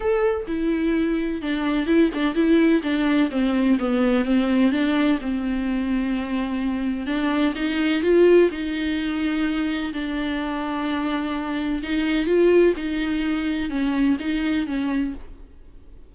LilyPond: \new Staff \with { instrumentName = "viola" } { \time 4/4 \tempo 4 = 127 a'4 e'2 d'4 | e'8 d'8 e'4 d'4 c'4 | b4 c'4 d'4 c'4~ | c'2. d'4 |
dis'4 f'4 dis'2~ | dis'4 d'2.~ | d'4 dis'4 f'4 dis'4~ | dis'4 cis'4 dis'4 cis'4 | }